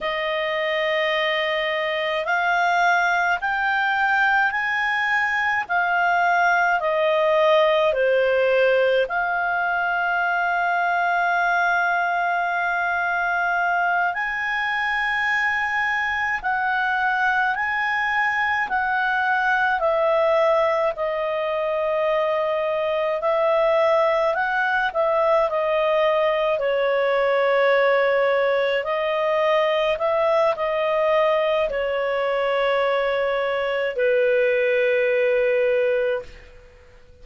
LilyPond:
\new Staff \with { instrumentName = "clarinet" } { \time 4/4 \tempo 4 = 53 dis''2 f''4 g''4 | gis''4 f''4 dis''4 c''4 | f''1~ | f''8 gis''2 fis''4 gis''8~ |
gis''8 fis''4 e''4 dis''4.~ | dis''8 e''4 fis''8 e''8 dis''4 cis''8~ | cis''4. dis''4 e''8 dis''4 | cis''2 b'2 | }